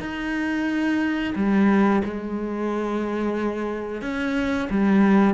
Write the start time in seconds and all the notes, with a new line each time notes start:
0.00 D#4
1.35 G3
2.04 G#3
4.02 C#4
4.70 G3